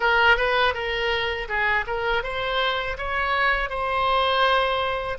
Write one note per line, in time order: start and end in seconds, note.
0.00 0.36 A#4
0.36 0.73 B4
0.73 1.47 A#4
1.48 1.85 G#4
1.87 2.23 A#4
2.23 2.97 C5
2.97 3.69 C#5
3.69 5.18 C5